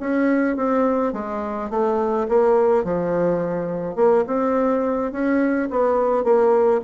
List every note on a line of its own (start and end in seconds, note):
0.00 0.56 C#4
0.56 1.13 C4
1.13 1.70 G#3
1.70 2.27 A3
2.28 2.84 A#3
2.84 3.96 F3
3.96 4.24 A#3
4.27 5.12 C4
5.12 5.69 C#4
5.70 6.24 B3
6.24 6.81 A#3